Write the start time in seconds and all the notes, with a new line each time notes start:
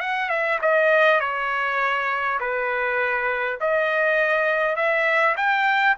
0.00 F#5
0.29 E5
0.62 D#5
1.20 C#5
2.40 B4
3.60 D#5
4.76 E5
5.36 G5